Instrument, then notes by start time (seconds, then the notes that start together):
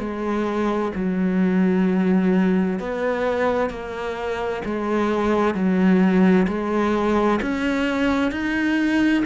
cello
0.00 G#3
0.95 F#3
2.80 B3
3.70 A#3
4.65 G#3
5.55 F#3
6.48 G#3
7.42 C#4
8.32 D#4